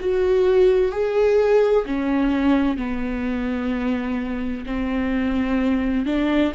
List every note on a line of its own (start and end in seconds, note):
0.00 0.92 F#4
0.92 1.85 G#4
1.86 2.77 C#4
2.77 4.65 B3
4.66 6.06 C4
6.06 6.53 D4